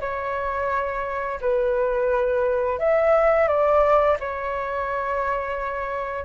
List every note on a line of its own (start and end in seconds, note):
0.00 1.40 C#5
1.41 2.78 B4
2.78 3.48 E5
3.48 4.17 D5
4.19 6.25 C#5